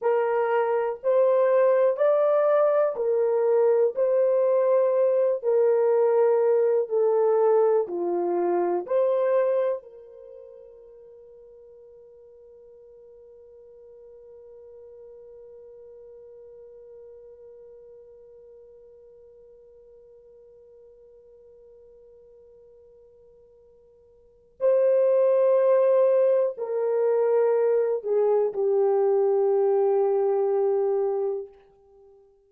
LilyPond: \new Staff \with { instrumentName = "horn" } { \time 4/4 \tempo 4 = 61 ais'4 c''4 d''4 ais'4 | c''4. ais'4. a'4 | f'4 c''4 ais'2~ | ais'1~ |
ais'1~ | ais'1~ | ais'4 c''2 ais'4~ | ais'8 gis'8 g'2. | }